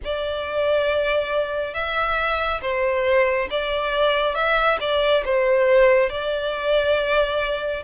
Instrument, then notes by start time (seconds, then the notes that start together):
violin
0.04 D5
1.74 E5
2.61 C5
3.50 D5
4.34 E5
4.80 D5
5.24 C5
6.09 D5